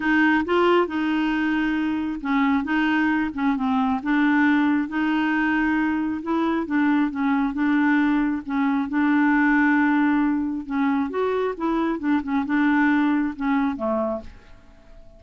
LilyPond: \new Staff \with { instrumentName = "clarinet" } { \time 4/4 \tempo 4 = 135 dis'4 f'4 dis'2~ | dis'4 cis'4 dis'4. cis'8 | c'4 d'2 dis'4~ | dis'2 e'4 d'4 |
cis'4 d'2 cis'4 | d'1 | cis'4 fis'4 e'4 d'8 cis'8 | d'2 cis'4 a4 | }